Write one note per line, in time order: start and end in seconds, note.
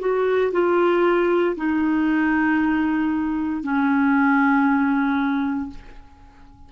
0.00 0.52 F#4
0.53 1.56 F4
1.56 3.63 D#4
3.63 5.70 C#4